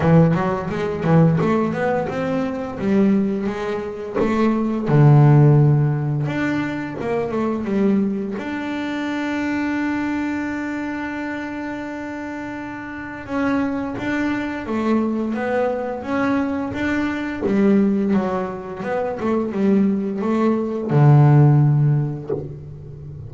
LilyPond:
\new Staff \with { instrumentName = "double bass" } { \time 4/4 \tempo 4 = 86 e8 fis8 gis8 e8 a8 b8 c'4 | g4 gis4 a4 d4~ | d4 d'4 ais8 a8 g4 | d'1~ |
d'2. cis'4 | d'4 a4 b4 cis'4 | d'4 g4 fis4 b8 a8 | g4 a4 d2 | }